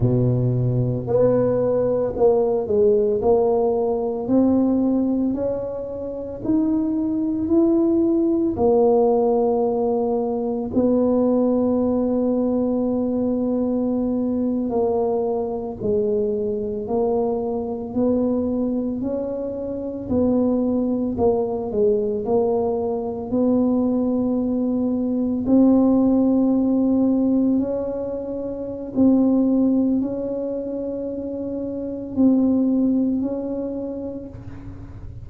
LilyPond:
\new Staff \with { instrumentName = "tuba" } { \time 4/4 \tempo 4 = 56 b,4 b4 ais8 gis8 ais4 | c'4 cis'4 dis'4 e'4 | ais2 b2~ | b4.~ b16 ais4 gis4 ais16~ |
ais8. b4 cis'4 b4 ais16~ | ais16 gis8 ais4 b2 c'16~ | c'4.~ c'16 cis'4~ cis'16 c'4 | cis'2 c'4 cis'4 | }